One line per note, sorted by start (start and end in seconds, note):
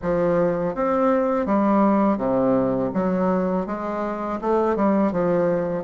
0.02 0.75 F3
0.75 1.46 C4
1.46 2.18 G3
2.18 2.91 C3
2.93 3.66 F#3
3.66 4.39 G#3
4.41 4.76 A3
4.76 5.12 G3
5.12 5.84 F3